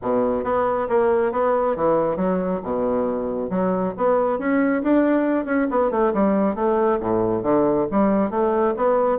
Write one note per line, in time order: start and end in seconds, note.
0.02 0.44 B2
0.44 0.88 B3
0.88 1.32 A#3
1.32 1.76 B3
1.76 2.16 E3
2.16 2.60 F#3
2.63 3.50 B2
3.50 3.93 F#3
3.97 4.38 B3
4.38 4.82 C#4
4.83 5.45 D4
5.45 5.67 C#4
5.70 5.90 B3
5.90 6.12 A3
6.13 6.55 G3
6.55 6.99 A3
7.00 7.43 A2
7.43 7.86 D3
7.91 8.30 G3
8.30 8.74 A3
8.76 9.18 B3